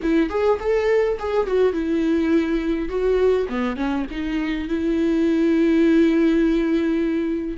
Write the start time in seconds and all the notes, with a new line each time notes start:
0.02 E4
0.29 G#4
0.59 A4
1.19 G#4
1.46 F#4
1.72 E4
2.88 F#4
3.49 B3
3.76 C#4
4.11 D#4
4.68 E4